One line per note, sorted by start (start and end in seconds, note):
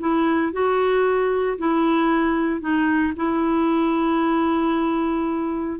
0.00 0.53 E4
0.53 1.58 F#4
1.58 2.61 E4
2.61 3.13 D#4
3.16 5.79 E4